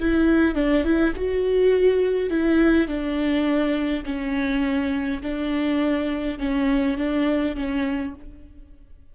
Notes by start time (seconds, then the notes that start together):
0.00 E4
0.55 D4
0.84 E4
1.16 F#4
2.30 E4
2.88 D4
4.05 C#4
5.22 D4
6.39 C#4
6.97 D4
7.56 C#4